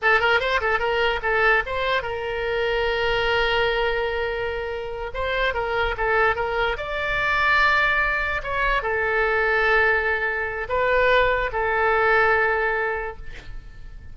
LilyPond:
\new Staff \with { instrumentName = "oboe" } { \time 4/4 \tempo 4 = 146 a'8 ais'8 c''8 a'8 ais'4 a'4 | c''4 ais'2.~ | ais'1~ | ais'8 c''4 ais'4 a'4 ais'8~ |
ais'8 d''2.~ d''8~ | d''8 cis''4 a'2~ a'8~ | a'2 b'2 | a'1 | }